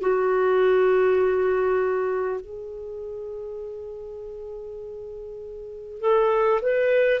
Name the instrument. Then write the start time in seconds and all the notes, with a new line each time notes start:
clarinet
0.00 F#4
2.41 G#4
6.00 A4
6.61 B4